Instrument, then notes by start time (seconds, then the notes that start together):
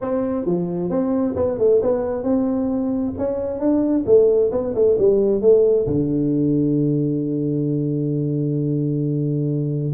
tuba
0.01 C4
0.45 F3
0.90 C4
1.35 B3
1.58 A3
1.81 B3
2.23 C4
3.17 C#4
3.59 D4
4.05 A3
4.51 B3
4.74 A3
4.98 G3
5.41 A3
5.86 D3